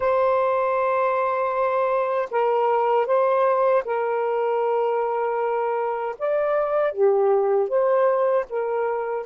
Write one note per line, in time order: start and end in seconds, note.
0.00 2.28 C5
2.30 3.06 A#4
3.06 3.83 C5
3.85 6.15 A#4
6.19 6.92 D5
6.92 7.69 G4
7.69 8.45 C5
8.49 9.26 A#4